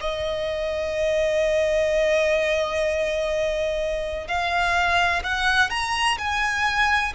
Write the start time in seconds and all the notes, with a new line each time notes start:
0.00 D#5
4.27 F5
5.23 F#5
5.70 A#5
6.18 G#5